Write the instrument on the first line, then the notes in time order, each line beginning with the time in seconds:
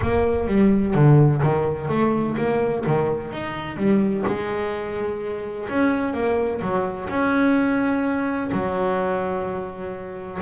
double bass
0.01 A#3
0.47 G3
0.94 D3
1.43 D#3
1.88 A3
2.37 A#3
2.86 D#3
3.32 D#4
3.77 G3
4.26 G#3
5.69 C#4
6.13 A#3
6.61 F#3
7.09 C#4
8.51 F#3